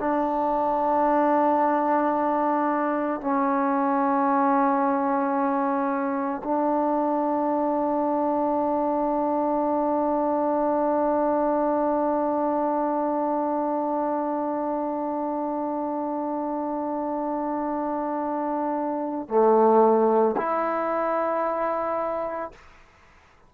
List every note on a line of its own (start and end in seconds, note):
0.00 3.21 D4
3.21 6.42 C#4
6.44 19.29 D4
19.29 20.36 A3
20.38 22.52 E4